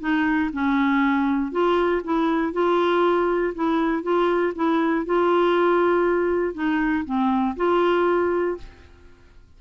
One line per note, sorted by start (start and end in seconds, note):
0.00 0.50 D#4
0.53 1.52 C#4
1.52 2.02 F4
2.04 2.53 E4
2.53 3.54 F4
3.55 4.03 E4
4.03 4.53 F4
4.55 5.06 E4
5.06 6.54 F4
6.54 7.05 D#4
7.05 7.56 C4
7.57 8.57 F4